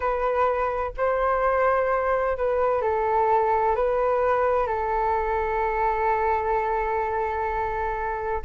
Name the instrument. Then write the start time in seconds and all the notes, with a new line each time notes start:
flute
0.00 B4
0.97 C5
2.37 B4
2.81 A4
3.75 B4
4.66 A4